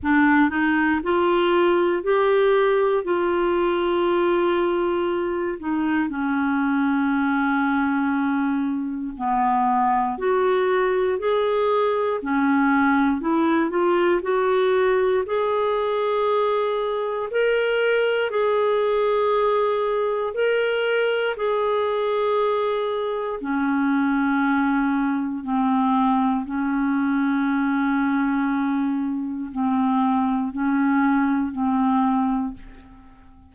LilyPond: \new Staff \with { instrumentName = "clarinet" } { \time 4/4 \tempo 4 = 59 d'8 dis'8 f'4 g'4 f'4~ | f'4. dis'8 cis'2~ | cis'4 b4 fis'4 gis'4 | cis'4 e'8 f'8 fis'4 gis'4~ |
gis'4 ais'4 gis'2 | ais'4 gis'2 cis'4~ | cis'4 c'4 cis'2~ | cis'4 c'4 cis'4 c'4 | }